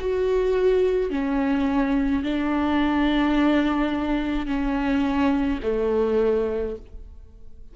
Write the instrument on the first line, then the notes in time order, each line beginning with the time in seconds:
viola
0.00 F#4
1.10 C#4
2.23 D4
4.47 C#4
5.63 A3